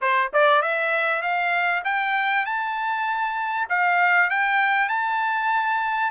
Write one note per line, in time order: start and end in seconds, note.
0.01 0.31 C5
0.33 0.62 D5
0.62 1.22 E5
1.22 1.83 F5
1.84 2.45 G5
2.45 3.68 A5
3.69 4.30 F5
4.30 4.88 G5
4.88 6.11 A5